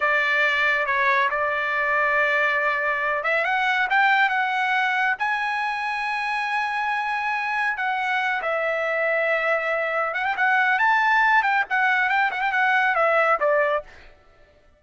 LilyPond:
\new Staff \with { instrumentName = "trumpet" } { \time 4/4 \tempo 4 = 139 d''2 cis''4 d''4~ | d''2.~ d''8 e''8 | fis''4 g''4 fis''2 | gis''1~ |
gis''2 fis''4. e''8~ | e''2.~ e''8 fis''16 g''16 | fis''4 a''4. g''8 fis''4 | g''8 fis''16 g''16 fis''4 e''4 d''4 | }